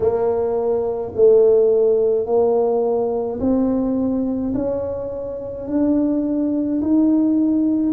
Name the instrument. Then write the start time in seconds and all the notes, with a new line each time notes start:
tuba
0.00 A#3
1.15 A3
2.25 A#3
3.40 C4
4.54 C#4
5.67 D4
6.81 D#4